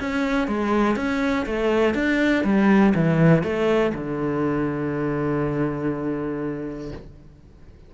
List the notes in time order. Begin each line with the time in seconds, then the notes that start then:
0.00 C#4
0.48 G#3
0.96 C#4
1.46 A3
1.94 D4
2.44 G3
2.95 E3
3.43 A3
3.95 D3